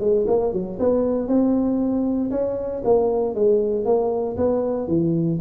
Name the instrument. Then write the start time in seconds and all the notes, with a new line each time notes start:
tuba
0.00 G#3
0.27 A#3
0.53 F#3
0.79 B3
1.28 C4
2.31 C#4
2.84 A#3
3.35 G#3
3.85 A#3
4.37 B3
4.87 E3